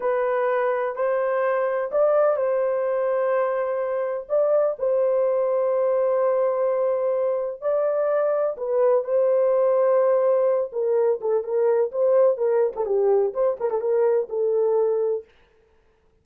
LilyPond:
\new Staff \with { instrumentName = "horn" } { \time 4/4 \tempo 4 = 126 b'2 c''2 | d''4 c''2.~ | c''4 d''4 c''2~ | c''1 |
d''2 b'4 c''4~ | c''2~ c''8 ais'4 a'8 | ais'4 c''4 ais'8. a'16 g'4 | c''8 ais'16 a'16 ais'4 a'2 | }